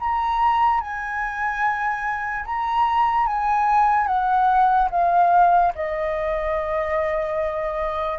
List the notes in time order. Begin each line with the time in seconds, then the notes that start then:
0.00 A#5
0.81 G#5
2.46 A#5
3.27 G#5
4.07 F#5
4.91 F5
5.75 D#5